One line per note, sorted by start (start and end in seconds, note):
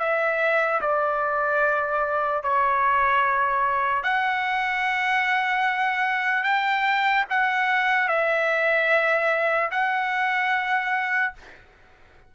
0.00 0.81 E5
0.81 2.43 D5
2.43 4.04 C#5
4.04 6.44 F#5
6.44 7.25 G5
7.30 8.09 F#5
8.09 9.71 E5
9.71 11.34 F#5